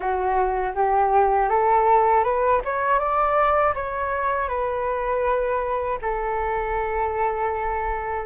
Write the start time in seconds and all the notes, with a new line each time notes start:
0.00 F#4
0.74 G4
1.49 A4
2.23 B4
2.65 C#5
2.99 D5
3.74 C#5
4.48 B4
6.01 A4